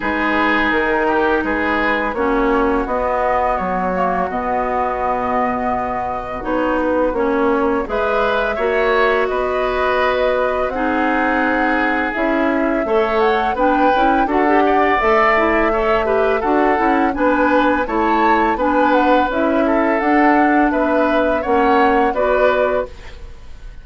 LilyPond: <<
  \new Staff \with { instrumentName = "flute" } { \time 4/4 \tempo 4 = 84 b'4 ais'4 b'4 cis''4 | dis''4 cis''4 dis''2~ | dis''4 cis''8 b'8 cis''4 e''4~ | e''4 dis''2 fis''4~ |
fis''4 e''4. fis''8 g''4 | fis''4 e''2 fis''4 | gis''4 a''4 gis''8 fis''8 e''4 | fis''4 e''4 fis''4 d''4 | }
  \new Staff \with { instrumentName = "oboe" } { \time 4/4 gis'4. g'8 gis'4 fis'4~ | fis'1~ | fis'2. b'4 | cis''4 b'2 gis'4~ |
gis'2 cis''4 b'4 | a'8 d''4. cis''8 b'8 a'4 | b'4 cis''4 b'4. a'8~ | a'4 b'4 cis''4 b'4 | }
  \new Staff \with { instrumentName = "clarinet" } { \time 4/4 dis'2. cis'4 | b4. ais8 b2~ | b4 dis'4 cis'4 gis'4 | fis'2. dis'4~ |
dis'4 e'4 a'4 d'8 e'8 | fis'16 g'8. a'8 e'8 a'8 g'8 fis'8 e'8 | d'4 e'4 d'4 e'4 | d'2 cis'4 fis'4 | }
  \new Staff \with { instrumentName = "bassoon" } { \time 4/4 gis4 dis4 gis4 ais4 | b4 fis4 b,2~ | b,4 b4 ais4 gis4 | ais4 b2 c'4~ |
c'4 cis'4 a4 b8 cis'8 | d'4 a2 d'8 cis'8 | b4 a4 b4 cis'4 | d'4 b4 ais4 b4 | }
>>